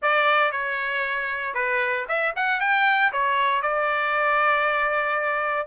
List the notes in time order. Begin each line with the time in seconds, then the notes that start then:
0.01 D5
0.51 C#5
1.54 B4
2.08 E5
2.35 F#5
2.60 G5
3.12 C#5
3.62 D5